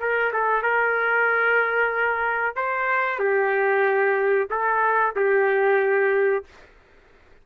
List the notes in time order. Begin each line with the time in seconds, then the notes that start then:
0.00 A#4
0.33 A4
0.62 A#4
2.55 C5
3.19 G4
4.50 A4
5.16 G4